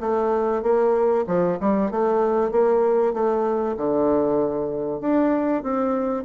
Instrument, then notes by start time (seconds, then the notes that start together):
bassoon
0.00 A3
0.62 A#3
1.27 F3
1.60 G3
1.91 A3
2.51 A#3
3.13 A3
3.77 D3
5.01 D4
5.63 C4